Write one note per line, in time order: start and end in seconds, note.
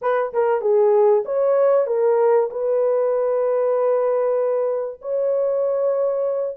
0.01 0.33 B4
0.33 0.61 A#4
0.61 1.23 G#4
1.25 1.87 C#5
1.87 2.49 A#4
2.50 5.00 B4
5.01 6.57 C#5